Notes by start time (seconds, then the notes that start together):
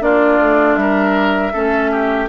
0.00 A#3 D4 F4 D5
0.40 A3
0.76 G3 A#4 E5
1.53 A3 C#4 A4
1.92 G4